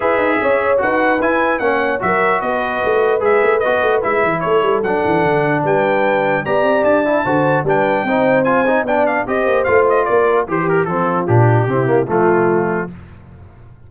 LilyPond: <<
  \new Staff \with { instrumentName = "trumpet" } { \time 4/4 \tempo 4 = 149 e''2 fis''4 gis''4 | fis''4 e''4 dis''2 | e''4 dis''4 e''4 cis''4 | fis''2 g''2 |
ais''4 a''2 g''4~ | g''4 gis''4 g''8 f''8 dis''4 | f''8 dis''8 d''4 c''8 ais'8 a'4 | g'2 f'2 | }
  \new Staff \with { instrumentName = "horn" } { \time 4/4 b'4 cis''4 b'2 | cis''4 ais'4 b'2~ | b'2. a'4~ | a'2 b'2 |
d''2 c''4 b'4 | c''2 d''4 c''4~ | c''4 ais'4 g'4 f'4~ | f'4 e'4 f'2 | }
  \new Staff \with { instrumentName = "trombone" } { \time 4/4 gis'2 fis'4 e'4 | cis'4 fis'2. | gis'4 fis'4 e'2 | d'1 |
g'4. e'8 fis'4 d'4 | dis'4 f'8 dis'8 d'4 g'4 | f'2 g'4 c'4 | d'4 c'8 ais8 a2 | }
  \new Staff \with { instrumentName = "tuba" } { \time 4/4 e'8 dis'8 cis'4 dis'4 e'4 | ais4 fis4 b4 a4 | gis8 a8 b8 a8 gis8 e8 a8 g8 | fis8 e8 d4 g2 |
b8 c'8 d'4 d4 g4 | c'2 b4 c'8 ais8 | a4 ais4 e4 f4 | ais,4 c4 f2 | }
>>